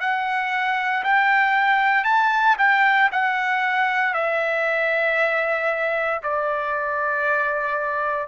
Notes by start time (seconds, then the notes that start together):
0.00 F#5
1.04 G5
2.04 A5
2.58 G5
3.12 F#5
4.14 E5
6.23 D5